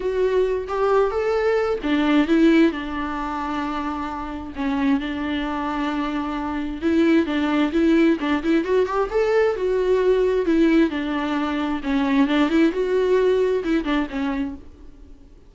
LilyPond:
\new Staff \with { instrumentName = "viola" } { \time 4/4 \tempo 4 = 132 fis'4. g'4 a'4. | d'4 e'4 d'2~ | d'2 cis'4 d'4~ | d'2. e'4 |
d'4 e'4 d'8 e'8 fis'8 g'8 | a'4 fis'2 e'4 | d'2 cis'4 d'8 e'8 | fis'2 e'8 d'8 cis'4 | }